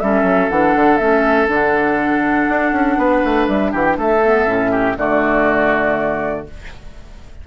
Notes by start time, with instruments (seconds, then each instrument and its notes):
0.00 bassoon G3, clarinet C#4, oboe A4, flute E5
0.23 bassoon F#3
0.50 bassoon E3, clarinet D4, flute F#5
0.76 bassoon D3
0.98 bassoon A3, clarinet C#4, flute E5
1.47 bassoon D3, clarinet D4
1.54 flute F#5
2.49 bassoon D4
2.73 bassoon C#4
2.98 bassoon B3, oboe B4
3.25 bassoon A3
3.48 bassoon G3, flute E5
3.72 bassoon E3, oboe G4, flute F#5
3.85 flute G5
3.97 bassoon A3, oboe A4, flute E5
4.25 clarinet B3
4.46 bassoon A2, clarinet C#4
4.72 oboe G4
4.96 bassoon D3, clarinet A3, oboe F#4, flute D5